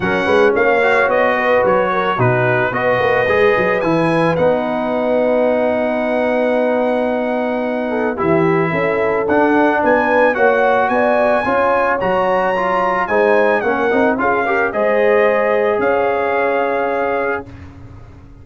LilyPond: <<
  \new Staff \with { instrumentName = "trumpet" } { \time 4/4 \tempo 4 = 110 fis''4 f''4 dis''4 cis''4 | b'4 dis''2 gis''4 | fis''1~ | fis''2. e''4~ |
e''4 fis''4 gis''4 fis''4 | gis''2 ais''2 | gis''4 fis''4 f''4 dis''4~ | dis''4 f''2. | }
  \new Staff \with { instrumentName = "horn" } { \time 4/4 ais'8 b'8 cis''4. b'4 ais'8 | fis'4 b'2.~ | b'1~ | b'2~ b'8 a'8 g'4 |
a'2 b'4 cis''4 | d''4 cis''2. | c''4 ais'4 gis'8 ais'8 c''4~ | c''4 cis''2. | }
  \new Staff \with { instrumentName = "trombone" } { \time 4/4 cis'4. fis'2~ fis'8 | dis'4 fis'4 gis'4 e'4 | dis'1~ | dis'2. e'4~ |
e'4 d'2 fis'4~ | fis'4 f'4 fis'4 f'4 | dis'4 cis'8 dis'8 f'8 g'8 gis'4~ | gis'1 | }
  \new Staff \with { instrumentName = "tuba" } { \time 4/4 fis8 gis8 ais4 b4 fis4 | b,4 b8 ais8 gis8 fis8 e4 | b1~ | b2. e4 |
cis'4 d'4 b4 ais4 | b4 cis'4 fis2 | gis4 ais8 c'8 cis'4 gis4~ | gis4 cis'2. | }
>>